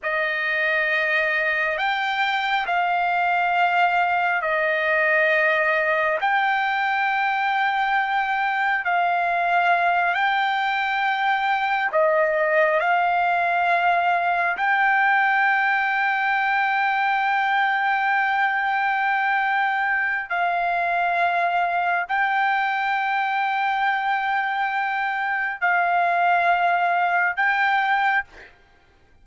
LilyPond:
\new Staff \with { instrumentName = "trumpet" } { \time 4/4 \tempo 4 = 68 dis''2 g''4 f''4~ | f''4 dis''2 g''4~ | g''2 f''4. g''8~ | g''4. dis''4 f''4.~ |
f''8 g''2.~ g''8~ | g''2. f''4~ | f''4 g''2.~ | g''4 f''2 g''4 | }